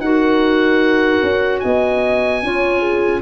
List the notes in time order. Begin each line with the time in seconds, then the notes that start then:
0.00 D#4 F#4 A#4 F#5
1.23 C#4
1.60 B3 D#5 G#5
2.43 C#4 F4 C#5
2.80 G#4